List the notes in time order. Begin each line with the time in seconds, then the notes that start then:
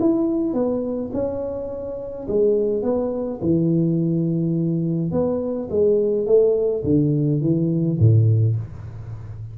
0.00 E4
0.54 B3
1.13 C#4
2.28 G#3
2.83 B3
3.42 E3
5.12 B3
5.70 G#3
6.26 A3
6.84 D3
7.41 E3
7.99 A2